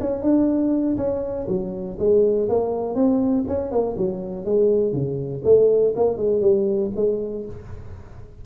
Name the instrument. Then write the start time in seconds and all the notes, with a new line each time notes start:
tuba
0.00 C#4
0.22 D4
0.97 C#4
1.48 F#3
1.99 G#3
2.49 A#3
2.95 C4
3.48 C#4
3.71 A#3
3.97 F#3
4.45 G#3
4.92 C#3
5.44 A3
5.96 A#3
6.17 G#3
6.41 G3
6.96 G#3